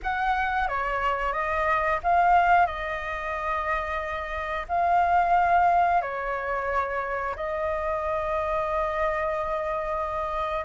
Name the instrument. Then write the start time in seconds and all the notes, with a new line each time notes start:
flute
0.02 F#5
0.68 C#5
1.32 D#5
2.03 F5
2.66 D#5
4.68 F5
6.02 C#5
7.36 D#5